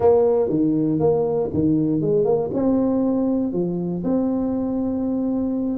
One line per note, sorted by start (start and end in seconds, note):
0.00 0.49 A#3
0.49 0.99 D#3
0.99 1.49 A#3
1.53 2.01 D#3
2.01 2.24 G#3
2.24 2.50 A#3
2.53 3.52 C4
3.52 4.03 F3
4.04 5.77 C4